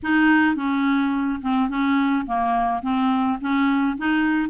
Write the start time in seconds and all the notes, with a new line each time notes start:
0.02 D#4
0.55 C#4
1.42 C4
1.69 C#4
2.26 A#3
2.82 C4
3.40 C#4
3.97 D#4